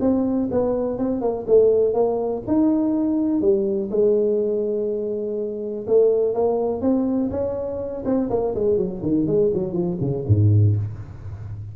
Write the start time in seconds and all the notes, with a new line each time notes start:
0.00 C4
0.51 B3
0.98 C4
1.21 A#3
1.47 A3
1.93 A#3
2.47 D#4
3.41 G3
3.90 G#3
5.87 A3
6.33 A#3
6.81 C4
7.30 C#4
8.05 C4
8.29 A#3
8.54 G#3
8.77 F#3
9.02 D#3
9.26 G#3
9.53 F#3
9.72 F3
10.00 C#3
10.27 G#2